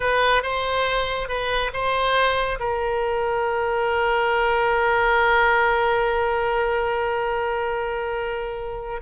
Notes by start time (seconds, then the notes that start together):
0.00 B4
0.42 C5
1.28 B4
1.73 C5
2.59 A#4